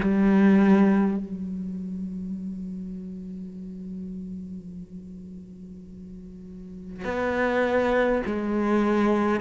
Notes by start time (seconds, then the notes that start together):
0.00 G3
1.17 F#3
7.04 B3
8.26 G#3